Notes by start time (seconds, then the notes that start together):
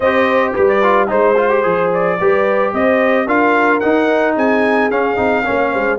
0.00 C4 G4 C5 D#5
0.53 G3 G4 B4
0.68 D5
0.82 F4
1.07 G#3 D#4 C5
1.36 F4
1.49 G4
1.63 F3 G#4
1.94 D5
2.19 G3 G4 B4
2.73 C4 C5 D#5
3.26 D4 F4 A#4 F5
3.80 D#4 F#5
4.35 C4 G#4 G#5
4.90 C#4 F5
5.15 C4 D#4
5.45 A#3 C#4 C#5
5.71 G#3 C5